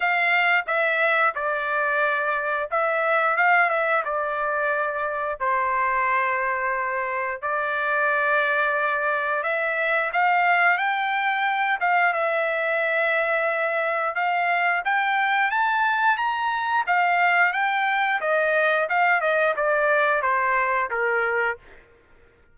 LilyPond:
\new Staff \with { instrumentName = "trumpet" } { \time 4/4 \tempo 4 = 89 f''4 e''4 d''2 | e''4 f''8 e''8 d''2 | c''2. d''4~ | d''2 e''4 f''4 |
g''4. f''8 e''2~ | e''4 f''4 g''4 a''4 | ais''4 f''4 g''4 dis''4 | f''8 dis''8 d''4 c''4 ais'4 | }